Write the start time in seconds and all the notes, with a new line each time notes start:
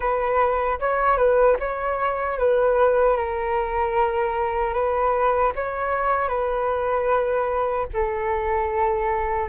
0.00 B4
0.79 C#5
1.17 B4
1.59 C#5
2.38 B4
3.17 A#4
4.73 B4
5.55 C#5
6.28 B4
7.93 A4